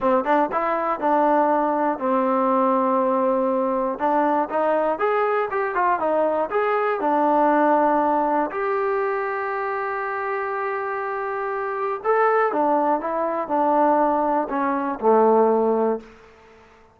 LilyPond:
\new Staff \with { instrumentName = "trombone" } { \time 4/4 \tempo 4 = 120 c'8 d'8 e'4 d'2 | c'1 | d'4 dis'4 gis'4 g'8 f'8 | dis'4 gis'4 d'2~ |
d'4 g'2.~ | g'1 | a'4 d'4 e'4 d'4~ | d'4 cis'4 a2 | }